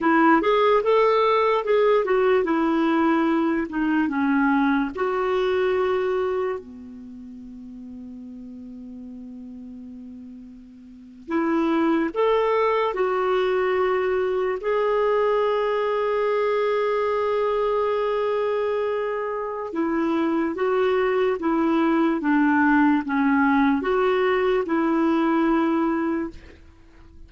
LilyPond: \new Staff \with { instrumentName = "clarinet" } { \time 4/4 \tempo 4 = 73 e'8 gis'8 a'4 gis'8 fis'8 e'4~ | e'8 dis'8 cis'4 fis'2 | b1~ | b4.~ b16 e'4 a'4 fis'16~ |
fis'4.~ fis'16 gis'2~ gis'16~ | gis'1 | e'4 fis'4 e'4 d'4 | cis'4 fis'4 e'2 | }